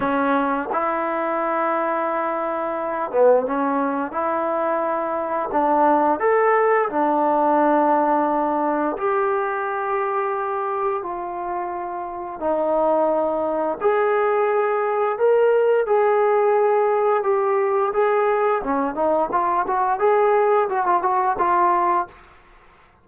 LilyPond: \new Staff \with { instrumentName = "trombone" } { \time 4/4 \tempo 4 = 87 cis'4 e'2.~ | e'8 b8 cis'4 e'2 | d'4 a'4 d'2~ | d'4 g'2. |
f'2 dis'2 | gis'2 ais'4 gis'4~ | gis'4 g'4 gis'4 cis'8 dis'8 | f'8 fis'8 gis'4 fis'16 f'16 fis'8 f'4 | }